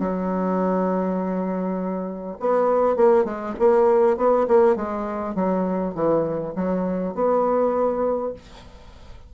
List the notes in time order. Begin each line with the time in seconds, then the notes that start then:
0.00 F#3
2.40 B3
2.97 A#3
3.25 G#3
3.59 A#3
4.17 B3
4.48 A#3
4.76 G#3
5.35 F#3
5.95 E3
6.56 F#3
7.15 B3